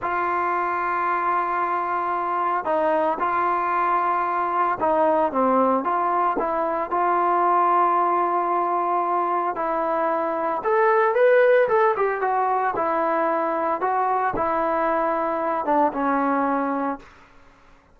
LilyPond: \new Staff \with { instrumentName = "trombone" } { \time 4/4 \tempo 4 = 113 f'1~ | f'4 dis'4 f'2~ | f'4 dis'4 c'4 f'4 | e'4 f'2.~ |
f'2 e'2 | a'4 b'4 a'8 g'8 fis'4 | e'2 fis'4 e'4~ | e'4. d'8 cis'2 | }